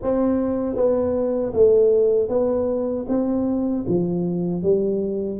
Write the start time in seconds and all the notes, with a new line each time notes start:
0.02 C4
0.75 B3
1.53 A3
2.28 B3
3.08 C4
3.87 F3
4.63 G3